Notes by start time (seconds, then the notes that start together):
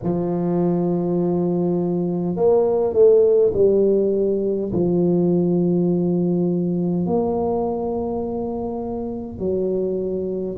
0.02 F3
2.36 A#3
2.93 A3
3.53 G3
4.72 F3
7.06 A#3
9.39 F#3